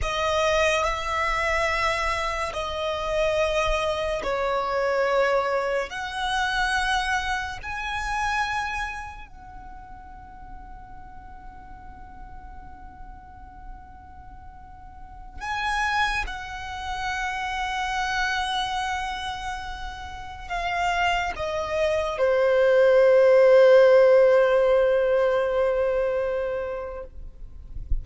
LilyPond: \new Staff \with { instrumentName = "violin" } { \time 4/4 \tempo 4 = 71 dis''4 e''2 dis''4~ | dis''4 cis''2 fis''4~ | fis''4 gis''2 fis''4~ | fis''1~ |
fis''2~ fis''16 gis''4 fis''8.~ | fis''1~ | fis''16 f''4 dis''4 c''4.~ c''16~ | c''1 | }